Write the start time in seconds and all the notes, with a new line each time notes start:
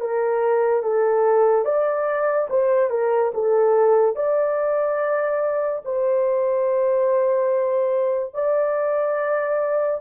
0.00 A#4
0.83 A4
1.65 D5
2.50 C5
2.90 A#4
3.34 A4
4.16 D5
5.85 C5
8.34 D5